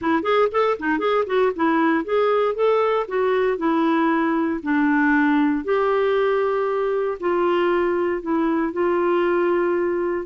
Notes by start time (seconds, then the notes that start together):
0.01 E4
0.23 G#4
0.51 A4
0.79 D#4
0.99 G#4
1.26 F#4
1.55 E4
2.04 G#4
2.55 A4
3.07 F#4
3.57 E4
4.62 D4
5.64 G4
7.20 F4
8.21 E4
8.72 F4